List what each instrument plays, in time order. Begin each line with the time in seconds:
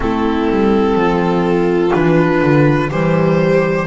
0.00 double bass A3, clarinet C4, viola E4, violin A4
0.49 double bass G3
0.95 double bass F3, viola F4
1.92 double bass E3, clarinet D4, violin B4
2.42 double bass D3
2.89 double bass E3, clarinet G3, viola G4, violin C5